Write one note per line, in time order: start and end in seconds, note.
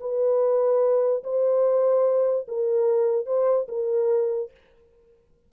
0.00 1.23 B4
1.24 2.47 C5
2.48 3.26 A#4
3.26 3.67 C5
3.69 4.51 A#4